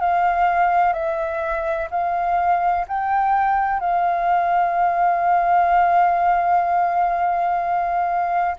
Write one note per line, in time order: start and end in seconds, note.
0.00 0.93 F5
0.93 1.88 E5
1.90 2.85 F5
2.87 3.80 G5
3.80 8.56 F5